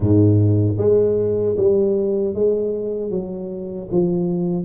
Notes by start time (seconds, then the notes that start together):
0.00 G#2
0.78 G#3
1.56 G3
2.34 G#3
3.10 F#3
3.91 F3